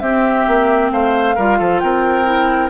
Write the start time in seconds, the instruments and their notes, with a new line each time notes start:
0.00 bassoon C4, clarinet C4, oboe G4, flute E5
0.48 bassoon A#3
0.91 bassoon A3, oboe C5, flute F5
1.36 bassoon G3, clarinet F4, oboe A#4
1.59 bassoon F3, oboe A4
1.80 bassoon C4, oboe A#4, flute G5
2.25 clarinet E4